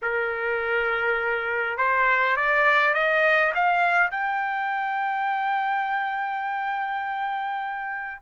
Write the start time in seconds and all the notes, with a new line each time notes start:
0.02 A#4
1.77 C5
2.36 D5
2.94 D#5
3.54 F5
4.10 G5